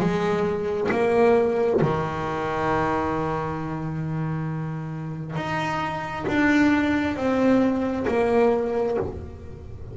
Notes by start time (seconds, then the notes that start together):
0.00 G#3
0.91 A#3
1.81 D#3
5.36 D#4
6.27 D4
7.16 C4
8.07 A#3